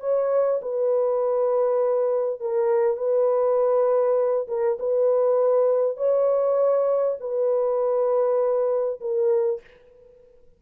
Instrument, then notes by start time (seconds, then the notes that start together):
horn
0.00 C#5
0.61 B4
2.40 A#4
2.97 B4
4.48 A#4
4.79 B4
5.97 C#5
7.20 B4
9.00 A#4